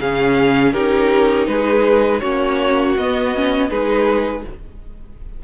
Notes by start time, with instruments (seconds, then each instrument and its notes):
0.00 cello C#3, viola C#4, violin G#4 F5
0.73 cello C#4, viola D#4, violin G4 A#4
1.48 cello G#3, violin G#4 B4
2.20 cello A#3, viola C#4, violin F#4 C#5
2.97 cello B3, viola B3, violin D#5
3.35 viola C#4
3.69 cello G#3, viola D#4, violin G#4 B4